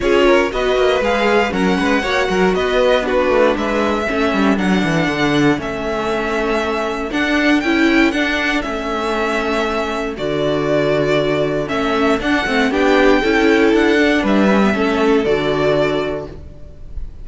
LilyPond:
<<
  \new Staff \with { instrumentName = "violin" } { \time 4/4 \tempo 4 = 118 cis''4 dis''4 f''4 fis''4~ | fis''4 dis''4 b'4 e''4~ | e''4 fis''2 e''4~ | e''2 fis''4 g''4 |
fis''4 e''2. | d''2. e''4 | fis''4 g''2 fis''4 | e''2 d''2 | }
  \new Staff \with { instrumentName = "violin" } { \time 4/4 gis'8 ais'8 b'2 ais'8 b'8 | cis''8 ais'8 b'4 fis'4 b'4 | a'1~ | a'1~ |
a'1~ | a'1~ | a'4 g'4 a'2 | b'4 a'2. | }
  \new Staff \with { instrumentName = "viola" } { \time 4/4 f'4 fis'4 gis'4 cis'4 | fis'2 d'2 | cis'4 d'2 cis'4~ | cis'2 d'4 e'4 |
d'4 cis'2. | fis'2. cis'4 | d'8 c'8 d'4 e'4. d'8~ | d'8 cis'16 b16 cis'4 fis'2 | }
  \new Staff \with { instrumentName = "cello" } { \time 4/4 cis'4 b8 ais8 gis4 fis8 gis8 | ais8 fis8 b4. a8 gis4 | a8 g8 fis8 e8 d4 a4~ | a2 d'4 cis'4 |
d'4 a2. | d2. a4 | d'8 a8 b4 cis'4 d'4 | g4 a4 d2 | }
>>